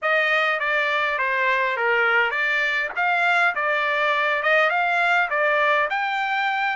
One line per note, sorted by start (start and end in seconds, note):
0.02 0.59 D#5
0.59 1.18 D5
1.18 1.76 C5
1.76 2.30 A#4
2.30 2.89 D5
2.96 3.55 F5
3.55 4.43 D5
4.43 4.70 D#5
4.70 5.28 F5
5.29 5.88 D5
5.90 6.76 G5